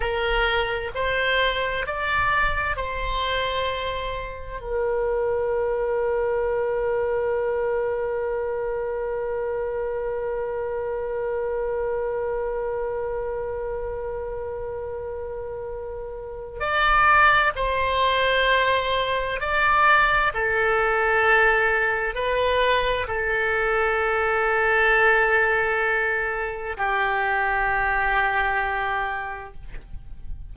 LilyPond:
\new Staff \with { instrumentName = "oboe" } { \time 4/4 \tempo 4 = 65 ais'4 c''4 d''4 c''4~ | c''4 ais'2.~ | ais'1~ | ais'1~ |
ais'2 d''4 c''4~ | c''4 d''4 a'2 | b'4 a'2.~ | a'4 g'2. | }